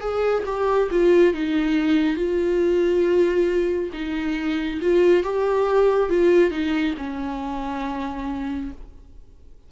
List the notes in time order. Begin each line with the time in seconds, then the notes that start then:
0.00 G#4
0.46 G4
0.91 F4
1.34 D#4
2.16 F4
3.93 D#4
4.81 F4
5.23 G4
6.09 F4
6.51 D#4
6.97 C#4